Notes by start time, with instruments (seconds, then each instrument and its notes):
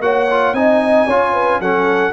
0.00 tuba A#3, trombone F#4, horn C#5, trumpet F#5
0.31 trombone F4
0.53 tuba C4, trombone D#4, horn D#5, trumpet G#5
1.07 tuba C#4, trombone F4, horn C#5
1.33 horn B4
1.60 tuba F#3, trombone C#4, horn A4, trumpet F#5